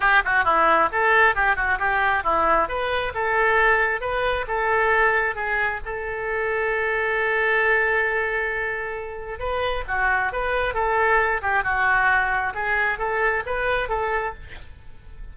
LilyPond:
\new Staff \with { instrumentName = "oboe" } { \time 4/4 \tempo 4 = 134 g'8 fis'8 e'4 a'4 g'8 fis'8 | g'4 e'4 b'4 a'4~ | a'4 b'4 a'2 | gis'4 a'2.~ |
a'1~ | a'4 b'4 fis'4 b'4 | a'4. g'8 fis'2 | gis'4 a'4 b'4 a'4 | }